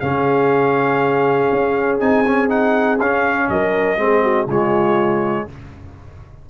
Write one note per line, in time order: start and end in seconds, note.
0.00 1.51 C#3
0.00 2.00 C#4
0.00 3.48 G#4
0.00 1.98 F5
1.52 2.00 C#4
1.99 2.98 C4
1.99 2.25 D#4
1.99 2.49 G#5
2.26 2.48 C#4
2.48 2.98 D#4
2.48 2.99 F#5
2.98 3.48 C#4
2.98 3.97 C#4
2.98 3.49 F5
3.49 3.97 F#3
3.49 4.01 A#4
3.49 4.48 D#5
3.97 4.46 G#3
3.97 4.47 C4
3.97 4.23 G#4
4.23 4.47 F#4
4.46 5.45 C#3
4.46 5.49 G#3
4.46 5.47 F4
4.46 5.49 C#5